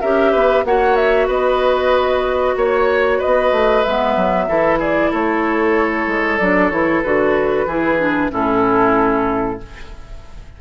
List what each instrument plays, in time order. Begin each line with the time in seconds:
0.00 bassoon C#4, clarinet G4, oboe A#4, flute E5
0.31 bassoon B3, oboe B4
0.64 bassoon A#3, clarinet F#4, oboe C#5, flute F#5
0.95 flute E5
1.27 bassoon B3, oboe B4, flute D#5
2.55 bassoon A#3, oboe C#5, flute C#5
3.18 oboe B4, flute D#5
3.25 bassoon B3
3.51 bassoon A3
3.83 bassoon G#3, clarinet B3, flute E5
4.16 bassoon F#3
4.48 bassoon E3, clarinet E4, oboe A4
4.78 oboe G#4, flute D5
5.10 bassoon A3, oboe A4, flute C#5
6.06 bassoon G#3
6.37 bassoon F#3, clarinet D4, flute D5
6.69 bassoon E3, clarinet E4, flute C#5
7.02 bassoon D3, clarinet F#4, flute B4
7.66 bassoon E3, clarinet E4, oboe G#4
7.98 clarinet D4
8.29 bassoon A2, clarinet C#4, oboe E4, flute A4